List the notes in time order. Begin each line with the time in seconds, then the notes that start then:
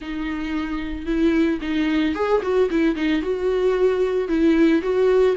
0.01 D#4
1.06 E4
1.61 D#4
2.15 G#4
2.42 F#4
2.70 E4
2.95 D#4
3.22 F#4
4.28 E4
4.81 F#4